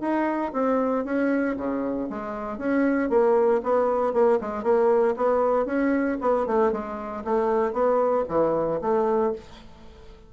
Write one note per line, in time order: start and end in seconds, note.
0.00 0.52 D#4
0.53 1.04 C4
1.04 1.56 C#4
1.57 2.08 C#3
2.09 2.58 G#3
2.58 3.09 C#4
3.09 3.61 A#3
3.63 4.13 B3
4.13 4.38 A#3
4.40 4.63 G#3
4.63 5.14 A#3
5.16 5.65 B3
5.65 6.17 C#4
6.20 6.46 B3
6.46 6.71 A3
6.71 7.23 G#3
7.24 7.73 A3
7.73 8.24 B3
8.28 8.80 E3
8.81 9.33 A3